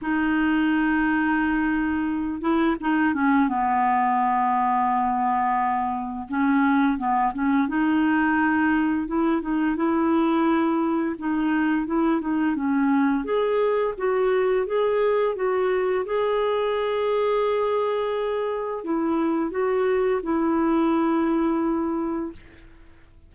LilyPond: \new Staff \with { instrumentName = "clarinet" } { \time 4/4 \tempo 4 = 86 dis'2.~ dis'8 e'8 | dis'8 cis'8 b2.~ | b4 cis'4 b8 cis'8 dis'4~ | dis'4 e'8 dis'8 e'2 |
dis'4 e'8 dis'8 cis'4 gis'4 | fis'4 gis'4 fis'4 gis'4~ | gis'2. e'4 | fis'4 e'2. | }